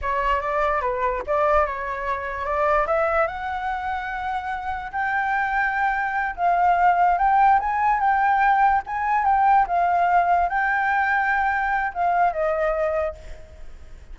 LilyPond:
\new Staff \with { instrumentName = "flute" } { \time 4/4 \tempo 4 = 146 cis''4 d''4 b'4 d''4 | cis''2 d''4 e''4 | fis''1 | g''2.~ g''8 f''8~ |
f''4. g''4 gis''4 g''8~ | g''4. gis''4 g''4 f''8~ | f''4. g''2~ g''8~ | g''4 f''4 dis''2 | }